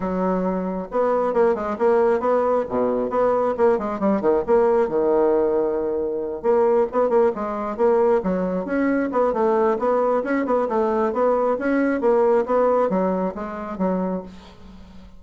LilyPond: \new Staff \with { instrumentName = "bassoon" } { \time 4/4 \tempo 4 = 135 fis2 b4 ais8 gis8 | ais4 b4 b,4 b4 | ais8 gis8 g8 dis8 ais4 dis4~ | dis2~ dis8 ais4 b8 |
ais8 gis4 ais4 fis4 cis'8~ | cis'8 b8 a4 b4 cis'8 b8 | a4 b4 cis'4 ais4 | b4 fis4 gis4 fis4 | }